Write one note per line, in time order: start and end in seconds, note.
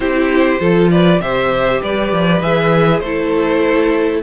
0.00 0.58 C4
0.00 0.59 E4
0.00 0.60 G4
0.00 0.89 C5
0.59 1.20 F3
0.59 1.20 F4
0.59 0.90 A4
0.90 1.21 B4
0.90 1.21 D5
1.20 1.81 C3
1.20 2.42 G4
1.20 1.80 C5
1.20 1.82 E5
1.80 2.12 G3
1.80 3.02 B4
1.80 2.42 D5
2.12 2.41 F3
2.41 3.01 E3
2.41 3.02 G#4
2.41 2.99 E5
2.99 4.22 A3
2.99 4.23 E4
2.99 4.23 A4
2.99 4.20 C5